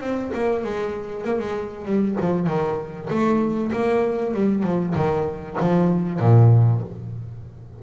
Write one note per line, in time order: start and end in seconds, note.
0.00 0.31 C4
0.34 0.64 A#3
0.64 1.24 G#3
1.24 1.39 A#3
1.39 1.85 G#3
1.85 2.16 G3
2.21 2.47 F3
2.47 3.09 D#3
3.10 3.71 A3
3.72 4.34 A#3
4.34 4.63 G3
4.63 4.94 F3
4.95 5.57 D#3
5.60 6.19 F3
6.19 6.81 A#2